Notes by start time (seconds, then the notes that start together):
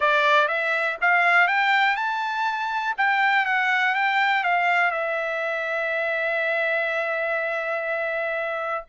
0.00 D5
0.48 E5
1.01 F5
1.47 G5
1.95 A5
2.97 G5
3.45 F#5
3.94 G5
4.43 F5
4.91 E5